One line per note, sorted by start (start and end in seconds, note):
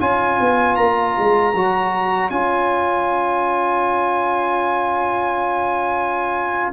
0.00 0.39 C#4
0.00 1.54 F4
0.00 6.74 C#5
0.00 0.76 G#5
0.41 0.78 B3
0.76 1.16 A#3
0.76 2.30 A#5
1.19 1.54 G#3
1.54 2.30 F#3
1.54 2.32 F#4
2.30 6.73 C#4
2.30 6.74 F4
2.30 6.73 G#5